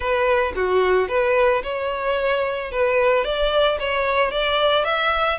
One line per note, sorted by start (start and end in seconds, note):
0.00 0.53 B4
0.55 1.08 F#4
1.08 1.62 B4
1.63 2.71 C#5
2.71 3.24 B4
3.24 3.78 D5
3.79 4.31 C#5
4.31 4.84 D5
4.84 5.38 E5